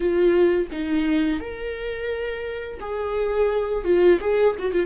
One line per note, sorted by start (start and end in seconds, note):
0.00 0.67 F4
0.71 1.40 D#4
1.40 2.79 A#4
2.80 3.84 G#4
3.84 4.19 F4
4.20 4.55 G#4
4.59 4.72 F#4
4.72 4.86 F4